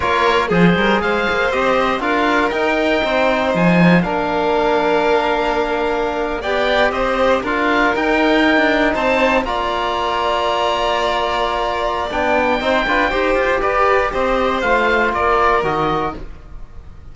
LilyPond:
<<
  \new Staff \with { instrumentName = "oboe" } { \time 4/4 \tempo 4 = 119 cis''4 c''4 f''4 dis''4 | f''4 g''2 gis''4 | f''1~ | f''8. g''4 dis''4 f''4 g''16~ |
g''4.~ g''16 a''4 ais''4~ ais''16~ | ais''1 | g''2. d''4 | dis''4 f''4 d''4 dis''4 | }
  \new Staff \with { instrumentName = "violin" } { \time 4/4 ais'4 gis'8 ais'8 c''2 | ais'2 c''2 | ais'1~ | ais'8. d''4 c''4 ais'4~ ais'16~ |
ais'4.~ ais'16 c''4 d''4~ d''16~ | d''1~ | d''4 c''8 b'8 c''4 b'4 | c''2 ais'2 | }
  \new Staff \with { instrumentName = "trombone" } { \time 4/4 f'4 gis'2 g'4 | f'4 dis'2. | d'1~ | d'8. g'2 f'4 dis'16~ |
dis'2~ dis'8. f'4~ f'16~ | f'1 | d'4 dis'8 f'8 g'2~ | g'4 f'2 fis'4 | }
  \new Staff \with { instrumentName = "cello" } { \time 4/4 ais4 f8 g8 gis8 ais8 c'4 | d'4 dis'4 c'4 f4 | ais1~ | ais8. b4 c'4 d'4 dis'16~ |
dis'4 d'8. c'4 ais4~ ais16~ | ais1 | b4 c'8 d'8 dis'8 f'8 g'4 | c'4 a4 ais4 dis4 | }
>>